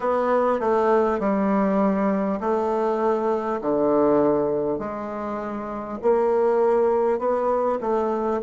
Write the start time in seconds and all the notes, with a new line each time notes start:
0.00 B3
0.60 A3
1.19 G3
2.40 A3
3.61 D3
4.78 G#3
6.02 A#3
7.18 B3
7.80 A3